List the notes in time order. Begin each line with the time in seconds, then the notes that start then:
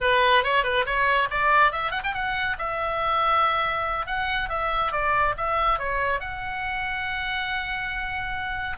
0.00 B4
0.43 C#5
0.63 B4
0.86 C#5
1.30 D5
1.72 E5
1.91 F#5
2.03 G5
2.14 F#5
2.58 E5
4.06 F#5
4.49 E5
4.91 D5
5.37 E5
5.79 C#5
6.20 F#5